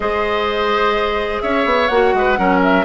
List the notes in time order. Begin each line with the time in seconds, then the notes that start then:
0.00 G#3 G#4 C5 D#5
1.41 C#4 C#5 E5
1.65 B3
1.88 A#3 F#4 F#5
2.13 G#3 B4
2.37 F#3 C#4 A#4
2.62 E5